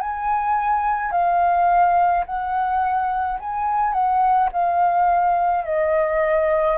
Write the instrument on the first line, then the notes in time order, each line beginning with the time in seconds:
flute
0.00 G#5
1.11 F5
2.25 F#5
3.40 G#5
3.93 F#5
4.52 F5
5.64 D#5